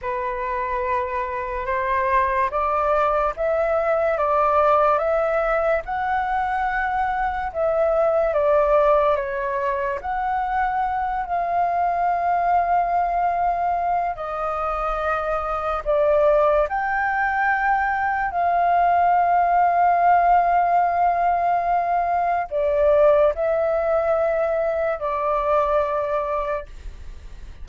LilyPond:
\new Staff \with { instrumentName = "flute" } { \time 4/4 \tempo 4 = 72 b'2 c''4 d''4 | e''4 d''4 e''4 fis''4~ | fis''4 e''4 d''4 cis''4 | fis''4. f''2~ f''8~ |
f''4 dis''2 d''4 | g''2 f''2~ | f''2. d''4 | e''2 d''2 | }